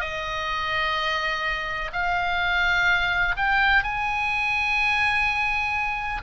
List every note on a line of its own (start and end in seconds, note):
0.00 1.90 D#5
1.92 3.35 F5
3.36 3.83 G5
3.83 6.21 G#5